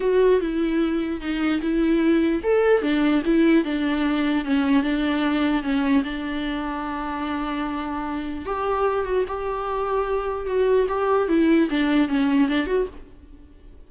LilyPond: \new Staff \with { instrumentName = "viola" } { \time 4/4 \tempo 4 = 149 fis'4 e'2 dis'4 | e'2 a'4 d'4 | e'4 d'2 cis'4 | d'2 cis'4 d'4~ |
d'1~ | d'4 g'4. fis'8 g'4~ | g'2 fis'4 g'4 | e'4 d'4 cis'4 d'8 fis'8 | }